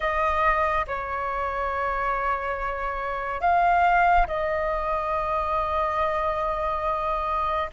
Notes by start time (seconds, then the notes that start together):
0.00 D#5
0.86 C#5
3.41 F5
4.27 D#5